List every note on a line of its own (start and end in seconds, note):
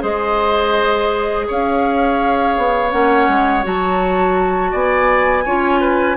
0.00 1.47 G#3
0.00 2.89 G#4
0.00 1.46 C5
0.00 1.48 D#5
1.47 2.57 C#4
1.47 4.71 C#5
1.47 2.91 F5
2.57 2.93 B3
2.91 3.28 A#3
2.91 3.63 C#4
2.91 3.64 F#5
3.28 3.64 G#3
3.63 4.73 F#3
3.63 5.44 F#4
3.63 4.74 A5
4.71 5.45 B3
4.71 5.44 D5
4.71 6.17 G#5
5.45 6.17 C#4
5.45 6.17 F4
5.45 5.80 C#5
5.80 6.16 B4